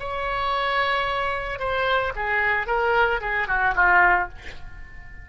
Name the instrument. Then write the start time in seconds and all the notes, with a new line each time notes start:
oboe
0.00 C#5
1.59 C5
2.16 G#4
2.67 A#4
3.21 G#4
3.48 F#4
3.75 F4